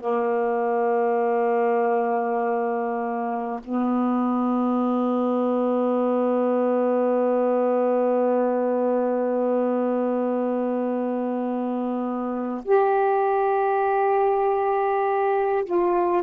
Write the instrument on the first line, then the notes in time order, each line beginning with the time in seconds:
saxophone
0.00 A#3
3.64 B3
12.64 G4
15.65 F4